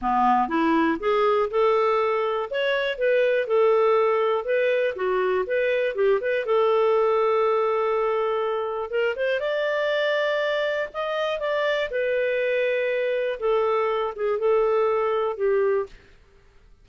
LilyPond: \new Staff \with { instrumentName = "clarinet" } { \time 4/4 \tempo 4 = 121 b4 e'4 gis'4 a'4~ | a'4 cis''4 b'4 a'4~ | a'4 b'4 fis'4 b'4 | g'8 b'8 a'2.~ |
a'2 ais'8 c''8 d''4~ | d''2 dis''4 d''4 | b'2. a'4~ | a'8 gis'8 a'2 g'4 | }